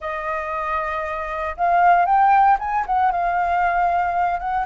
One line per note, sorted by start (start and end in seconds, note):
0.00 1.56 D#5
1.56 2.05 F5
2.05 2.57 G5
2.59 2.85 G#5
2.86 3.11 F#5
3.11 4.39 F5
4.39 4.65 F#5